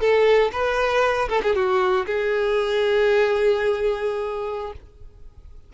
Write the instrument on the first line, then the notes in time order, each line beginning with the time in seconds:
violin
0.00 A4
0.52 B4
1.29 A4
1.42 G#4
1.54 F#4
2.06 G#4